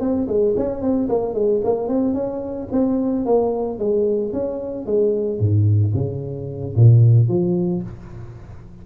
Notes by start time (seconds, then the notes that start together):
0.00 C4
0.28 G#3
0.57 C#4
0.81 C4
1.09 A#3
1.34 G#3
1.64 A#3
1.88 C4
2.14 C#4
2.72 C4
3.26 A#3
3.79 G#3
4.33 C#4
4.86 G#3
5.40 G#2
5.94 C#3
6.76 A#2
7.28 F3